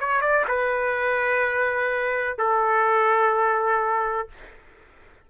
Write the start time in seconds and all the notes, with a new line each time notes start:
0.00 C#5
0.21 D5
0.48 B4
2.38 A4